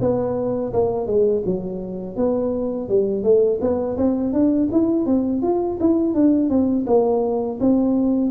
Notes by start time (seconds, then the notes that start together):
0.00 B3
0.73 A#3
1.06 G#3
1.45 F#3
2.16 B3
2.88 G3
3.23 A3
3.60 B3
3.97 C4
4.32 D4
4.72 E4
5.06 C4
5.42 F4
5.80 E4
6.14 D4
6.49 C4
6.86 A#3
7.60 C4